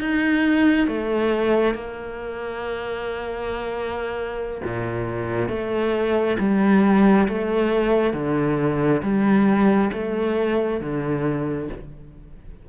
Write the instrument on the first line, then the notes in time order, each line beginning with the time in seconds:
cello
0.00 D#4
0.87 A3
1.74 A#3
4.64 A#2
5.49 A3
6.39 G3
7.28 A3
8.13 D3
9.02 G3
9.92 A3
10.80 D3